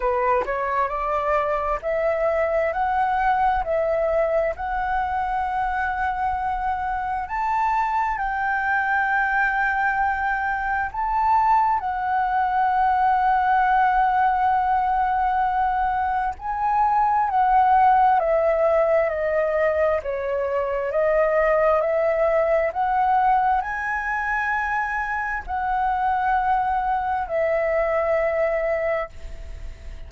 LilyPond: \new Staff \with { instrumentName = "flute" } { \time 4/4 \tempo 4 = 66 b'8 cis''8 d''4 e''4 fis''4 | e''4 fis''2. | a''4 g''2. | a''4 fis''2.~ |
fis''2 gis''4 fis''4 | e''4 dis''4 cis''4 dis''4 | e''4 fis''4 gis''2 | fis''2 e''2 | }